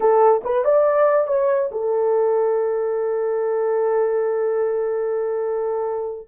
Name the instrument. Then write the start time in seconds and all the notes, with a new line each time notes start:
horn
0.00 A4
0.44 B4
0.64 D5
1.27 C#5
1.71 A4